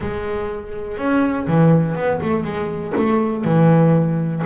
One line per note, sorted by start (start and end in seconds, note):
0.00 0.97 G#3
0.97 1.46 C#4
1.47 1.95 E3
1.95 2.20 B3
2.22 2.43 A3
2.43 2.93 G#3
2.96 3.44 A3
3.44 4.42 E3